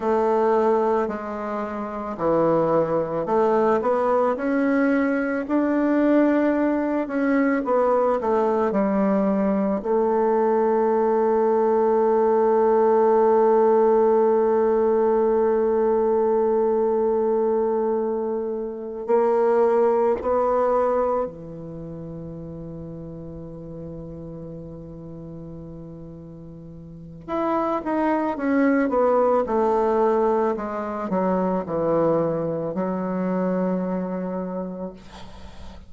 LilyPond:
\new Staff \with { instrumentName = "bassoon" } { \time 4/4 \tempo 4 = 55 a4 gis4 e4 a8 b8 | cis'4 d'4. cis'8 b8 a8 | g4 a2.~ | a1~ |
a4. ais4 b4 e8~ | e1~ | e4 e'8 dis'8 cis'8 b8 a4 | gis8 fis8 e4 fis2 | }